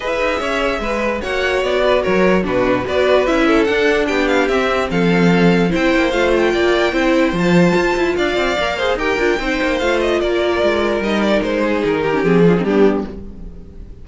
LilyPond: <<
  \new Staff \with { instrumentName = "violin" } { \time 4/4 \tempo 4 = 147 e''2. fis''4 | d''4 cis''4 b'4 d''4 | e''4 fis''4 g''8 f''8 e''4 | f''2 g''4 f''8 g''8~ |
g''2 a''2 | f''2 g''2 | f''8 dis''8 d''2 dis''8 d''8 | c''4 ais'4 gis'4 g'4 | }
  \new Staff \with { instrumentName = "violin" } { \time 4/4 b'4 cis''4 b'4 cis''4~ | cis''8 b'8 ais'4 fis'4 b'4~ | b'8 a'4. g'2 | a'2 c''2 |
d''4 c''2. | d''4. c''8 ais'4 c''4~ | c''4 ais'2.~ | ais'8 gis'4 g'4 f'16 dis'16 d'4 | }
  \new Staff \with { instrumentName = "viola" } { \time 4/4 gis'2. fis'4~ | fis'2 d'4 fis'4 | e'4 d'2 c'4~ | c'2 e'4 f'4~ |
f'4 e'4 f'2~ | f'4 ais'8 gis'8 g'8 f'8 dis'4 | f'2. dis'4~ | dis'4.~ dis'16 cis'16 c'8 d'16 c'16 b4 | }
  \new Staff \with { instrumentName = "cello" } { \time 4/4 e'8 dis'8 cis'4 gis4 ais4 | b4 fis4 b,4 b4 | cis'4 d'4 b4 c'4 | f2 c'8 ais8 a4 |
ais4 c'4 f4 f'8 e'8 | d'8 c'8 ais4 dis'8 d'8 c'8 ais8 | a4 ais4 gis4 g4 | gis4 dis4 f4 g4 | }
>>